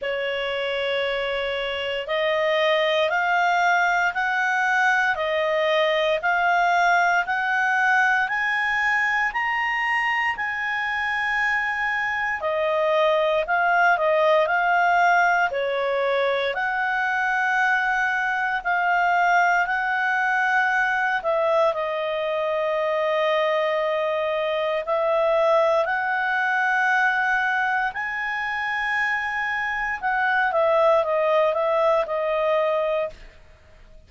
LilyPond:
\new Staff \with { instrumentName = "clarinet" } { \time 4/4 \tempo 4 = 58 cis''2 dis''4 f''4 | fis''4 dis''4 f''4 fis''4 | gis''4 ais''4 gis''2 | dis''4 f''8 dis''8 f''4 cis''4 |
fis''2 f''4 fis''4~ | fis''8 e''8 dis''2. | e''4 fis''2 gis''4~ | gis''4 fis''8 e''8 dis''8 e''8 dis''4 | }